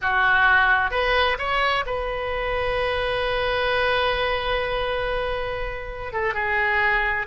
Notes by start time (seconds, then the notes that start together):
0.01 F#4
0.91 B4
1.38 C#5
1.86 B4
6.12 A4
6.34 G#4